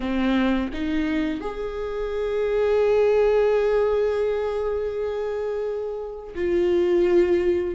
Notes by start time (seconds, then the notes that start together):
0.00 C4
0.73 D#4
1.40 G#4
6.34 F4